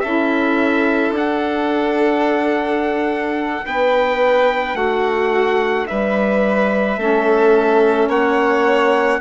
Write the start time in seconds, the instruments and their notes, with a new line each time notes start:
0.00 bassoon C#4, saxophone E4, violin A4, trumpet E5
1.11 bassoon D4, saxophone D4, trumpet F#5
3.65 bassoon B3, violin B4, trumpet G5
4.74 bassoon A3, violin F#4, trumpet F#5
5.87 bassoon G3, violin B4, trumpet E5
6.97 bassoon A3, saxophone C#4, violin A4
8.08 bassoon A#3, violin C#5, trumpet F#5